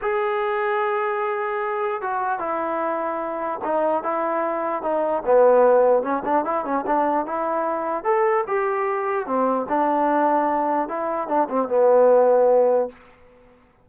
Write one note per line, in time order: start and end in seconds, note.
0.01 2.01 G#4
2.01 2.39 F#4
2.39 3.60 E4
3.64 4.03 D#4
4.03 4.82 E4
4.82 5.22 D#4
5.25 6.02 B3
6.02 6.23 C#4
6.24 6.44 D4
6.44 6.64 E4
6.64 6.85 C#4
6.86 7.26 D4
7.26 8.04 E4
8.04 8.44 A4
8.47 9.26 G4
9.26 9.66 C4
9.68 10.88 D4
10.88 11.28 E4
11.28 11.48 D4
11.49 11.68 C4
11.68 12.89 B3